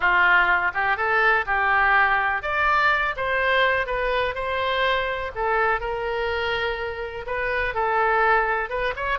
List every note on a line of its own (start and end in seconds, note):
0.00 0.71 F4
0.74 0.96 G4
0.96 1.45 A4
1.45 2.42 G4
2.42 3.15 D5
3.16 3.86 C5
3.86 4.34 B4
4.34 5.31 C5
5.35 5.80 A4
5.80 7.25 A#4
7.26 7.74 B4
7.74 8.69 A4
8.69 8.94 B4
8.95 9.18 C#5